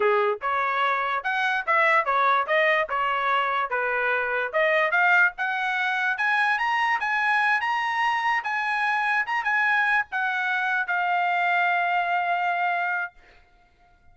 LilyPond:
\new Staff \with { instrumentName = "trumpet" } { \time 4/4 \tempo 4 = 146 gis'4 cis''2 fis''4 | e''4 cis''4 dis''4 cis''4~ | cis''4 b'2 dis''4 | f''4 fis''2 gis''4 |
ais''4 gis''4. ais''4.~ | ais''8 gis''2 ais''8 gis''4~ | gis''8 fis''2 f''4.~ | f''1 | }